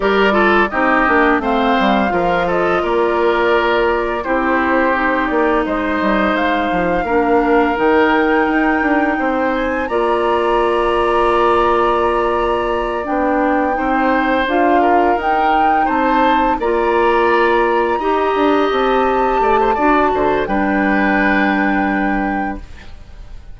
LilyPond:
<<
  \new Staff \with { instrumentName = "flute" } { \time 4/4 \tempo 4 = 85 d''4 dis''4 f''4. dis''8 | d''2 c''4. d''8 | dis''4 f''2 g''4~ | g''4. gis''8 ais''2~ |
ais''2~ ais''8 g''4.~ | g''8 f''4 g''4 a''4 ais''8~ | ais''2~ ais''8 a''4.~ | a''4 g''2. | }
  \new Staff \with { instrumentName = "oboe" } { \time 4/4 ais'8 a'8 g'4 c''4 ais'8 a'8 | ais'2 g'2 | c''2 ais'2~ | ais'4 c''4 d''2~ |
d''2.~ d''8 c''8~ | c''4 ais'4. c''4 d''8~ | d''4. dis''2 d''16 c''16 | d''8 c''8 b'2. | }
  \new Staff \with { instrumentName = "clarinet" } { \time 4/4 g'8 f'8 dis'8 d'8 c'4 f'4~ | f'2 e'4 dis'4~ | dis'2 d'4 dis'4~ | dis'2 f'2~ |
f'2~ f'8 d'4 dis'8~ | dis'8 f'4 dis'2 f'8~ | f'4. g'2~ g'8 | fis'4 d'2. | }
  \new Staff \with { instrumentName = "bassoon" } { \time 4/4 g4 c'8 ais8 a8 g8 f4 | ais2 c'4. ais8 | gis8 g8 gis8 f8 ais4 dis4 | dis'8 d'8 c'4 ais2~ |
ais2~ ais8 b4 c'8~ | c'8 d'4 dis'4 c'4 ais8~ | ais4. dis'8 d'8 c'4 a8 | d'8 d8 g2. | }
>>